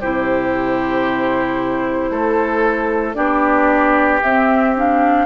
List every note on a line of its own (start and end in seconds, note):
0.00 2.10 C3
0.00 3.14 E4
0.00 2.11 G4
0.00 3.14 C5
2.10 3.15 A3
2.10 3.16 A4
3.14 4.21 B3
3.14 4.20 D4
3.14 5.25 G4
3.14 4.20 D5
4.22 4.75 C4
4.22 5.25 C4
4.22 4.75 E5
4.75 5.25 D4
4.75 5.25 F5